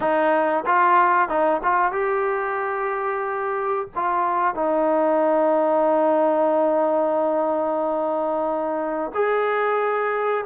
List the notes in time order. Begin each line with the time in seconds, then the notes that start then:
0.00 D#4
0.66 F4
1.28 D#4
1.63 F4
1.92 G4
3.95 F4
4.54 D#4
9.14 G#4